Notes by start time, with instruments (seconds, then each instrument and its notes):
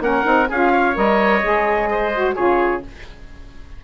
0.00 bassoon A#3, saxophone C#4, oboe A#4, trumpet F#5
0.24 bassoon C4, saxophone D#4
0.49 bassoon C#4, saxophone F4, oboe G#4, trumpet F5
0.72 oboe C#5
0.94 bassoon G3, saxophone A#4, trumpet D#5
1.42 bassoon G#3, saxophone G#4
1.91 oboe C5
2.15 saxophone F#4
2.35 bassoon C#3, saxophone F4, oboe G#4, trumpet C#5